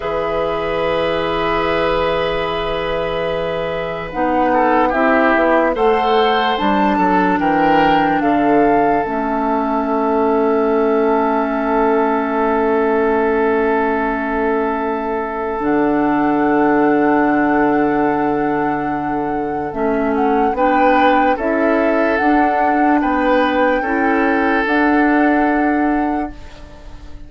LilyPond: <<
  \new Staff \with { instrumentName = "flute" } { \time 4/4 \tempo 4 = 73 e''1~ | e''4 fis''4 e''4 fis''4 | a''4 g''4 f''4 e''4~ | e''1~ |
e''2. fis''4~ | fis''1 | e''8 fis''8 g''4 e''4 fis''4 | g''2 fis''2 | }
  \new Staff \with { instrumentName = "oboe" } { \time 4/4 b'1~ | b'4. a'8 g'4 c''4~ | c''8 a'8 ais'4 a'2~ | a'1~ |
a'1~ | a'1~ | a'4 b'4 a'2 | b'4 a'2. | }
  \new Staff \with { instrumentName = "clarinet" } { \time 4/4 gis'1~ | gis'4 dis'4 e'4 a'4 | d'2. cis'4~ | cis'1~ |
cis'2. d'4~ | d'1 | cis'4 d'4 e'4 d'4~ | d'4 e'4 d'2 | }
  \new Staff \with { instrumentName = "bassoon" } { \time 4/4 e1~ | e4 b4 c'8 b8 a4 | g8 fis8 e4 d4 a4~ | a1~ |
a2. d4~ | d1 | a4 b4 cis'4 d'4 | b4 cis'4 d'2 | }
>>